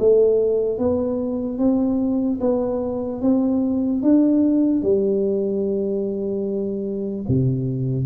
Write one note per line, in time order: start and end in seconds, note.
0.00 0.79 A3
0.79 1.59 B3
1.59 2.40 C4
2.41 3.22 B3
3.22 4.03 C4
4.03 4.83 D4
4.83 7.26 G3
7.29 8.06 C3